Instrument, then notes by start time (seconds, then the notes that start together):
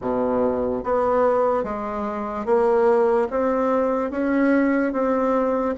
bassoon
0.01 B2
0.83 B3
1.63 G#3
2.45 A#3
3.30 C4
4.11 C#4
4.92 C4